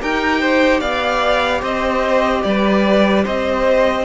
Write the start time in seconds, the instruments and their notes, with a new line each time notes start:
0.00 cello D#4, viola G4, violin A#4 G5
0.41 violin C5
0.81 cello B3, violin D5 F5
1.61 cello C4, violin C5 D#5
2.44 cello G3, violin B4 D5
3.25 cello C4, violin C5 D#5